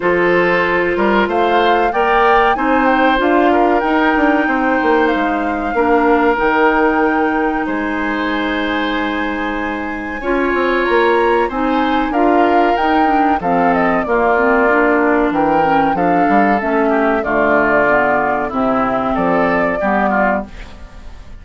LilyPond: <<
  \new Staff \with { instrumentName = "flute" } { \time 4/4 \tempo 4 = 94 c''2 f''4 g''4 | gis''8 g''8 f''4 g''2 | f''2 g''2 | gis''1~ |
gis''4 ais''4 gis''4 f''4 | g''4 f''8 dis''8 d''2 | g''4 f''4 e''4 d''4~ | d''4 e''4 d''2 | }
  \new Staff \with { instrumentName = "oboe" } { \time 4/4 a'4. ais'8 c''4 d''4 | c''4. ais'4. c''4~ | c''4 ais'2. | c''1 |
cis''2 c''4 ais'4~ | ais'4 a'4 f'2 | ais'4 a'4. g'8 f'4~ | f'4 e'4 a'4 g'8 f'8 | }
  \new Staff \with { instrumentName = "clarinet" } { \time 4/4 f'2. ais'4 | dis'4 f'4 dis'2~ | dis'4 d'4 dis'2~ | dis'1 |
f'2 dis'4 f'4 | dis'8 d'8 c'4 ais8 c'8 d'4~ | d'8 cis'8 d'4 cis'4 a4 | b4 c'2 b4 | }
  \new Staff \with { instrumentName = "bassoon" } { \time 4/4 f4. g8 a4 ais4 | c'4 d'4 dis'8 d'8 c'8 ais8 | gis4 ais4 dis2 | gis1 |
cis'8 c'8 ais4 c'4 d'4 | dis'4 f4 ais2 | e4 f8 g8 a4 d4~ | d4 c4 f4 g4 | }
>>